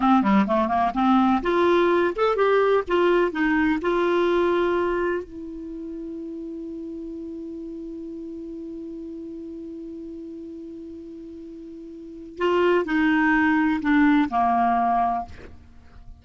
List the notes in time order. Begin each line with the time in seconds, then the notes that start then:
0.00 C4
0.22 G3
0.47 A3
0.68 A#3
0.94 C4
1.42 F4
2.15 A4
2.35 G4
2.87 F4
3.31 D#4
3.81 F4
5.24 E4
12.38 F4
12.85 D#4
13.81 D4
14.29 A#3